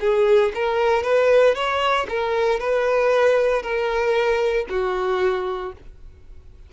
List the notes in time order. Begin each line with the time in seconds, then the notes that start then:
0.00 G#4
0.54 A#4
1.03 B4
1.55 C#5
2.09 A#4
2.59 B4
3.62 A#4
4.69 F#4